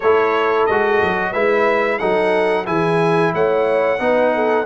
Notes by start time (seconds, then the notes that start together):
0.00 A3 E4 A4 C#5
0.66 G#3 F#4 D#5
1.02 F#3
1.31 G#3 E4 B4 E5
1.98 F#3 D#4 A4 F#5
2.65 E3 E4 G#4 G#5
3.34 A3 C#5 F#5
3.99 B3 D#4 B4
4.34 A4